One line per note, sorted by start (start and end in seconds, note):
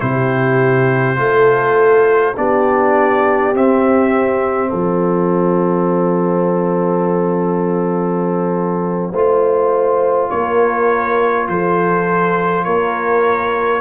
0.00 1.18 C3
0.00 1.16 E4
0.00 1.19 G4
0.00 2.36 C5
1.16 2.36 A3
1.16 2.34 F4
1.16 2.37 A4
2.37 3.54 B3
2.37 3.54 D4
2.37 4.70 G4
2.37 3.55 D5
3.54 4.72 C4
3.54 9.13 C4
3.54 4.74 E5
4.70 9.12 F3
4.70 9.11 A4
4.70 10.30 F5
9.12 10.30 A3
9.12 13.81 F4
9.12 10.30 C5
10.30 11.49 A#3
10.30 11.49 A#4
10.30 11.48 C#5
11.49 12.66 F3
11.49 12.66 A4
11.49 12.64 C5
12.64 13.81 A#3
12.64 13.81 A#4
12.64 13.81 C#5